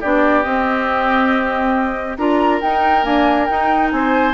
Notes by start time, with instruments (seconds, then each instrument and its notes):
0.00 bassoon B3, clarinet D4, oboe G4, flute D5
0.42 clarinet C4, bassoon C4, flute D#5
2.17 bassoon D4, clarinet F4, oboe A#4, flute A#5
2.61 bassoon D#4, clarinet D#4, flute G5
3.01 clarinet A#3, bassoon D4, flute G#5
3.45 clarinet D#4, bassoon D#4, flute G5
3.91 bassoon C4, oboe C5, flute G#5